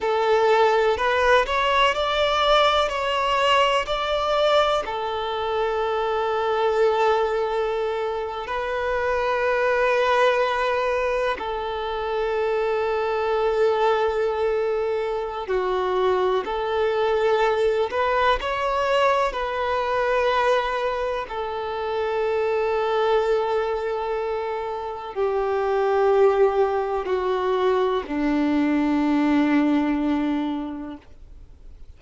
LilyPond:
\new Staff \with { instrumentName = "violin" } { \time 4/4 \tempo 4 = 62 a'4 b'8 cis''8 d''4 cis''4 | d''4 a'2.~ | a'8. b'2. a'16~ | a'1 |
fis'4 a'4. b'8 cis''4 | b'2 a'2~ | a'2 g'2 | fis'4 d'2. | }